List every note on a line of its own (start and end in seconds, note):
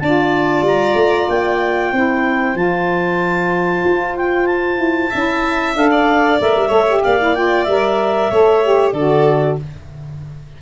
0.00 0.62 D4
0.00 1.94 F4
0.00 1.92 D5
0.00 0.64 A5
0.62 0.94 G3
0.62 1.30 A#5
0.95 1.27 A3
1.29 1.92 A#3
1.29 2.57 G5
1.92 2.55 C4
1.92 2.55 E4
1.92 5.10 C5
2.55 3.83 F3
2.55 5.11 F4
2.55 4.16 A5
3.85 4.78 F4
4.17 4.47 G5
4.47 5.74 A5
4.78 5.10 E4
5.10 5.75 C#4
5.10 5.76 E4
5.10 5.90 E5
5.75 6.39 D4
5.75 6.39 A4
5.75 6.40 F5
5.91 6.68 D5
6.39 6.56 A3
6.39 6.69 A#4
6.39 7.03 E5
6.56 6.70 G3
6.68 7.02 A3
6.68 6.85 A4
6.68 7.00 C#5
6.88 7.19 G4
7.03 7.67 A#3
7.03 8.31 D5
7.03 7.35 F5
7.19 7.35 E4
7.35 7.67 F4
7.35 7.64 G5
7.64 8.31 G3
7.64 8.32 A#4
7.64 8.91 E5
8.31 8.93 A3
8.31 8.63 A4
8.31 8.93 C#5
8.63 8.95 G4
8.92 9.57 D3
8.92 9.62 F#4
8.92 9.57 A4
8.92 9.56 D5